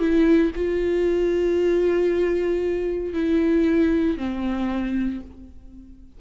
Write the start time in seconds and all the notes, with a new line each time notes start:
0.00 E4
0.56 F4
3.14 E4
4.18 C4